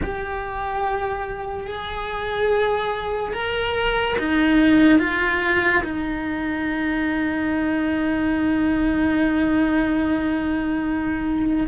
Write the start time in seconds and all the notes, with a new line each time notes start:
0.02 G4
1.67 G#4
3.33 A#4
4.18 D#4
4.99 F4
5.83 D#4